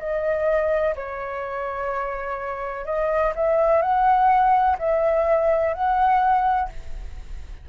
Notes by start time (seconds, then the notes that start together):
0.00 D#5
0.96 C#5
2.86 D#5
3.36 E5
3.82 F#5
4.79 E5
5.74 F#5